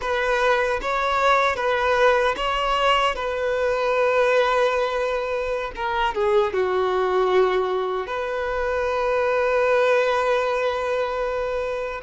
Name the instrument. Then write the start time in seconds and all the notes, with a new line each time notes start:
violin
0.01 B4
0.81 C#5
1.56 B4
2.36 C#5
3.15 B4
5.75 A#4
6.14 G#4
6.53 F#4
8.06 B4